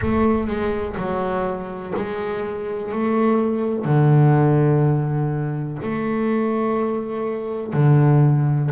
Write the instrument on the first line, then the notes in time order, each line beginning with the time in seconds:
double bass
0.01 A3
0.47 G#3
0.97 F#3
1.96 G#3
2.92 A3
3.84 D3
5.82 A3
7.73 D3